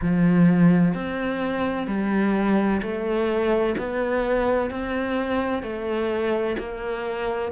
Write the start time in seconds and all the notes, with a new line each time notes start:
0.01 F3
0.94 C4
1.87 G3
2.81 A3
3.78 B3
4.70 C4
5.62 A3
6.58 A#3